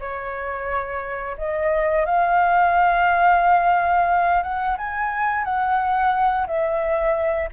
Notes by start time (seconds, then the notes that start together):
0.00 C#5
1.38 D#5
2.05 F5
4.43 F#5
4.78 G#5
5.44 F#5
6.47 E5